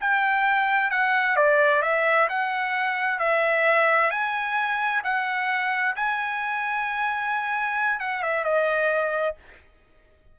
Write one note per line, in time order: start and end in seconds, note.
0.00 0.90 G5
0.90 1.36 F#5
1.36 1.82 D5
1.82 2.28 E5
2.29 3.19 F#5
3.19 4.10 E5
4.10 5.02 G#5
5.04 5.95 F#5
5.96 8.00 G#5
8.00 8.22 F#5
8.22 8.44 E5
8.44 9.36 D#5